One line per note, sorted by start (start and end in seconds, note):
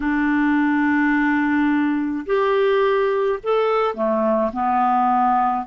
0.00 2.25 D4
2.25 3.39 G4
3.43 3.94 A4
3.94 4.50 A3
4.52 5.66 B3